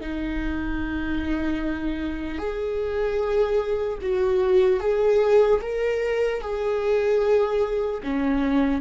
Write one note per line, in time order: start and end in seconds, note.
0.00 2.38 D#4
2.38 3.98 G#4
4.01 4.80 F#4
4.80 5.60 G#4
5.61 6.41 A#4
6.41 8.01 G#4
8.03 8.81 C#4